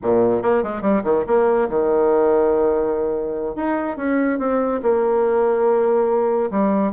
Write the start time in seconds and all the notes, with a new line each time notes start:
0.02 A#2
0.42 A#3
0.63 G#3
0.81 G3
1.03 D#3
1.26 A#3
1.69 D#3
3.55 D#4
3.97 C#4
4.38 C4
4.82 A#3
6.50 G3